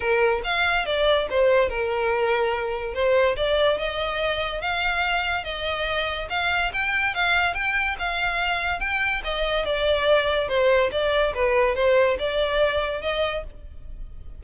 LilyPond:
\new Staff \with { instrumentName = "violin" } { \time 4/4 \tempo 4 = 143 ais'4 f''4 d''4 c''4 | ais'2. c''4 | d''4 dis''2 f''4~ | f''4 dis''2 f''4 |
g''4 f''4 g''4 f''4~ | f''4 g''4 dis''4 d''4~ | d''4 c''4 d''4 b'4 | c''4 d''2 dis''4 | }